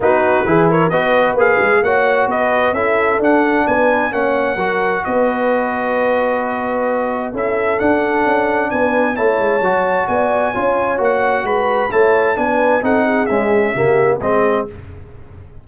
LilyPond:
<<
  \new Staff \with { instrumentName = "trumpet" } { \time 4/4 \tempo 4 = 131 b'4. cis''8 dis''4 f''4 | fis''4 dis''4 e''4 fis''4 | gis''4 fis''2 dis''4~ | dis''1 |
e''4 fis''2 gis''4 | a''2 gis''2 | fis''4 b''4 a''4 gis''4 | fis''4 e''2 dis''4 | }
  \new Staff \with { instrumentName = "horn" } { \time 4/4 fis'4 gis'8 ais'8 b'2 | cis''4 b'4 a'2 | b'4 cis''4 ais'4 b'4~ | b'1 |
a'2. b'4 | cis''2 d''4 cis''4~ | cis''4 b'4 cis''4 b'4 | a'8 gis'4. g'4 gis'4 | }
  \new Staff \with { instrumentName = "trombone" } { \time 4/4 dis'4 e'4 fis'4 gis'4 | fis'2 e'4 d'4~ | d'4 cis'4 fis'2~ | fis'1 |
e'4 d'2. | e'4 fis'2 f'4 | fis'2 e'4 d'4 | dis'4 gis4 ais4 c'4 | }
  \new Staff \with { instrumentName = "tuba" } { \time 4/4 b4 e4 b4 ais8 gis8 | ais4 b4 cis'4 d'4 | b4 ais4 fis4 b4~ | b1 |
cis'4 d'4 cis'4 b4 | a8 gis8 fis4 b4 cis'4 | ais4 gis4 a4 b4 | c'4 cis'4 cis4 gis4 | }
>>